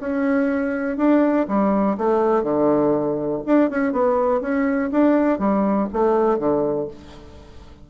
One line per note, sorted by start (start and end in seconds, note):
0.00 0.97 C#4
0.97 1.47 D4
1.48 1.97 G3
1.98 2.43 A3
2.43 3.42 D3
3.46 3.70 D4
3.70 3.93 C#4
3.93 4.41 B3
4.41 4.90 C#4
4.92 5.39 D4
5.39 5.88 G3
5.93 6.39 A3
6.39 6.88 D3